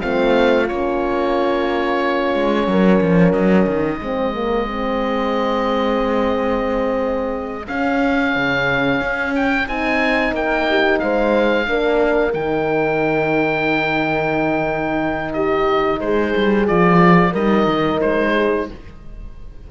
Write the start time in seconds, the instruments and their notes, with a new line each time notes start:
0.00 cello A3, horn C4 F4, oboe F5
0.67 cello A#3, horn C#4, oboe C#5
2.34 cello G#3
2.67 cello F#3, horn A#4
3.01 cello F3
3.32 cello F#3, oboe D#5
3.67 cello D#3
4.01 cello G#3, horn C4 G#4
4.34 horn A#3
4.66 horn C4
7.67 horn C#4, cello C#4, oboe F5
8.36 cello C#3
9.01 cello C#4
9.35 oboe G5
9.67 cello C4, horn D#4, oboe G#5
10.32 cello A#3, horn A#4, oboe G5
10.69 horn G4
10.99 cello G#3, horn C5, oboe F5
11.66 cello A#3, horn D4 A#4
12.33 cello D#3, horn D#4, oboe G5
15.33 horn G4, oboe D#5
16.00 cello G#3, horn G#4, oboe C5
16.36 cello G3
16.67 cello F3, horn F4, oboe D5
17.32 cello G3, horn D#4 A#4, oboe D#5
17.66 cello D#3
18.01 cello G#3, oboe C5
18.36 horn G#4